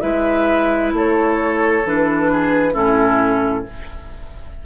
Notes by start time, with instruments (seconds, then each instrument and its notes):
0.00 bassoon G#3, clarinet E4, oboe B4, flute E5
0.93 bassoon A3, oboe A4, flute C#5
1.85 bassoon E3, clarinet D4, flute B4
2.31 oboe G#4
2.73 bassoon A2, clarinet C#4, oboe E4, flute A4